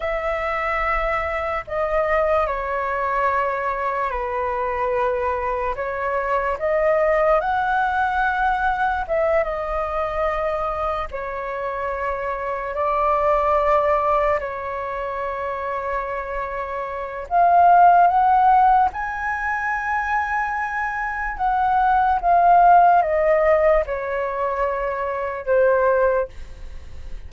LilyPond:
\new Staff \with { instrumentName = "flute" } { \time 4/4 \tempo 4 = 73 e''2 dis''4 cis''4~ | cis''4 b'2 cis''4 | dis''4 fis''2 e''8 dis''8~ | dis''4. cis''2 d''8~ |
d''4. cis''2~ cis''8~ | cis''4 f''4 fis''4 gis''4~ | gis''2 fis''4 f''4 | dis''4 cis''2 c''4 | }